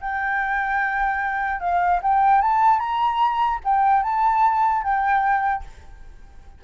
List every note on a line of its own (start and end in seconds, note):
0.00 1.60 G5
1.60 2.00 F5
2.02 2.41 G5
2.41 2.79 A5
2.79 3.59 A#5
3.64 4.02 G5
4.02 4.82 A5
4.82 5.63 G5